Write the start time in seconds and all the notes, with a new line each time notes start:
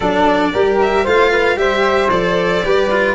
0.00 F#3 D4 A4 D5
0.52 G3 G4 A#4
0.81 E5
1.03 A3 F4 C5 F5
1.30 B4
1.56 G3 G4 C5 E5
2.10 F3 A4 D5
2.64 G3 G4 B4
2.91 F4